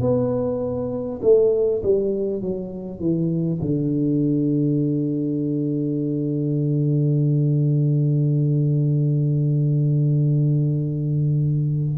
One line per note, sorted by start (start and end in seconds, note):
0.00 1.20 B3
1.22 1.82 A3
1.83 2.41 G3
2.41 2.99 F#3
2.99 3.59 E3
3.61 11.98 D3